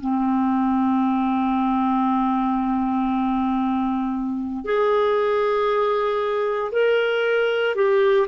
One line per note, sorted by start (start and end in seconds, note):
0.00 4.64 C4
4.64 6.71 G#4
6.71 7.75 A#4
7.75 8.27 G4